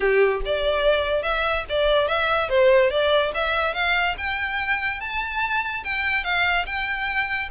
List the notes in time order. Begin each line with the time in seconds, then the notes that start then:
0.00 G4
0.45 D5
1.23 E5
1.69 D5
2.07 E5
2.49 C5
2.90 D5
3.34 E5
3.73 F5
4.17 G5
5.00 A5
5.84 G5
6.24 F5
6.66 G5